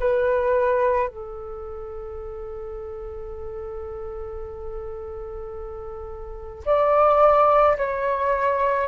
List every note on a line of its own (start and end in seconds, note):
0.00 1.08 B4
1.08 6.64 A4
6.66 7.77 D5
7.77 8.87 C#5